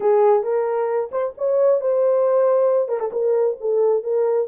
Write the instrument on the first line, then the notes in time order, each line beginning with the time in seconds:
horn
0.00 G#4
0.43 A#4
1.11 C5
1.37 C#5
1.80 C5
2.88 A#4
2.99 A4
3.12 A#4
3.60 A4
4.03 A#4